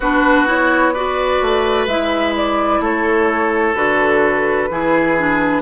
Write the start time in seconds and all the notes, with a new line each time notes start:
0.00 B3 D4 F#4 B4
0.46 E4 C#5
0.93 F#4 B4 D5
1.41 A3
1.87 G#3 E4 E5
2.36 D5
2.79 A3 A4 C#5
3.75 D3 F#4 B4
4.70 E3 E4 G#4
5.17 D4